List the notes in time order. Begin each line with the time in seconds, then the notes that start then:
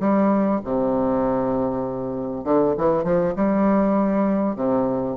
0.00 G3
0.64 C3
2.44 D3
2.77 E3
3.04 F3
3.36 G3
4.56 C3